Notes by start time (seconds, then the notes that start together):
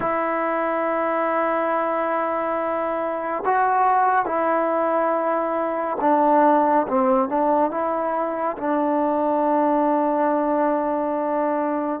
0.00 E4
3.45 F#4
4.25 E4
6.00 D4
6.88 C4
7.29 D4
7.71 E4
8.57 D4